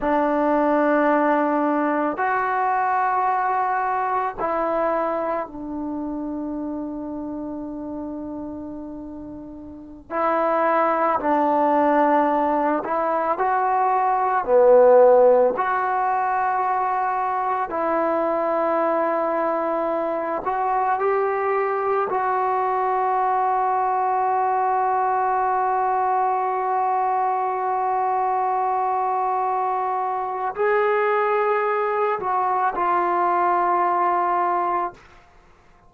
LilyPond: \new Staff \with { instrumentName = "trombone" } { \time 4/4 \tempo 4 = 55 d'2 fis'2 | e'4 d'2.~ | d'4~ d'16 e'4 d'4. e'16~ | e'16 fis'4 b4 fis'4.~ fis'16~ |
fis'16 e'2~ e'8 fis'8 g'8.~ | g'16 fis'2.~ fis'8.~ | fis'1 | gis'4. fis'8 f'2 | }